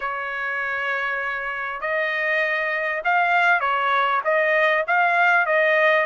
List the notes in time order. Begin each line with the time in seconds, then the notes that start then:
0.00 C#5
1.80 D#5
3.04 F5
3.60 C#5
4.24 D#5
4.87 F5
5.46 D#5